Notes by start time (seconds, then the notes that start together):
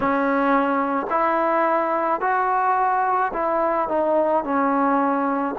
0.00 C#4
1.10 E4
2.20 F#4
3.33 E4
3.88 D#4
4.43 C#4